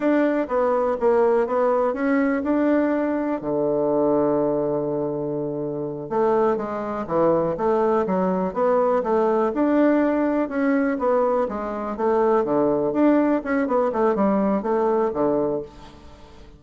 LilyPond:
\new Staff \with { instrumentName = "bassoon" } { \time 4/4 \tempo 4 = 123 d'4 b4 ais4 b4 | cis'4 d'2 d4~ | d1~ | d8 a4 gis4 e4 a8~ |
a8 fis4 b4 a4 d'8~ | d'4. cis'4 b4 gis8~ | gis8 a4 d4 d'4 cis'8 | b8 a8 g4 a4 d4 | }